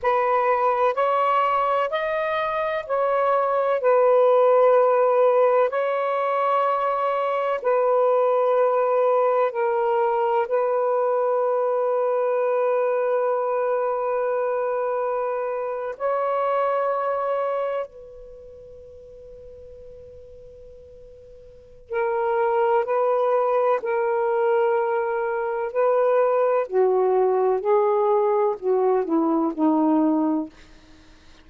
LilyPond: \new Staff \with { instrumentName = "saxophone" } { \time 4/4 \tempo 4 = 63 b'4 cis''4 dis''4 cis''4 | b'2 cis''2 | b'2 ais'4 b'4~ | b'1~ |
b'8. cis''2 b'4~ b'16~ | b'2. ais'4 | b'4 ais'2 b'4 | fis'4 gis'4 fis'8 e'8 dis'4 | }